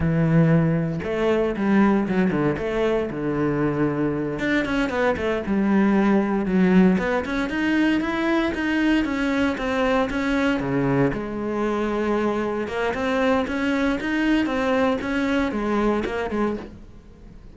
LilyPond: \new Staff \with { instrumentName = "cello" } { \time 4/4 \tempo 4 = 116 e2 a4 g4 | fis8 d8 a4 d2~ | d8 d'8 cis'8 b8 a8 g4.~ | g8 fis4 b8 cis'8 dis'4 e'8~ |
e'8 dis'4 cis'4 c'4 cis'8~ | cis'8 cis4 gis2~ gis8~ | gis8 ais8 c'4 cis'4 dis'4 | c'4 cis'4 gis4 ais8 gis8 | }